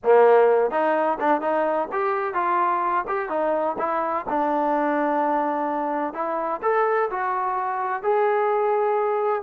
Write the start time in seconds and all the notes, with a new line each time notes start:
0.03 A#3
0.70 D#4
1.20 D4
1.41 D#4
1.92 G4
2.34 F4
3.07 G4
3.29 D#4
3.78 E4
4.29 D4
6.13 E4
6.62 A4
7.10 F#4
8.02 G#4